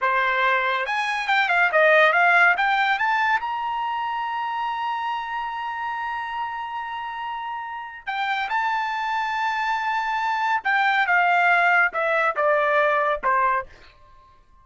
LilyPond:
\new Staff \with { instrumentName = "trumpet" } { \time 4/4 \tempo 4 = 141 c''2 gis''4 g''8 f''8 | dis''4 f''4 g''4 a''4 | ais''1~ | ais''1~ |
ais''2. g''4 | a''1~ | a''4 g''4 f''2 | e''4 d''2 c''4 | }